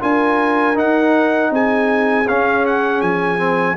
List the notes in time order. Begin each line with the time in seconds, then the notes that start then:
0.00 D4 F4 A#4 G#5
0.75 D#4 F#5
1.51 C4 G#4 G#5
2.28 C#4 F5
2.66 F#5
3.01 F3 G#5
3.38 C4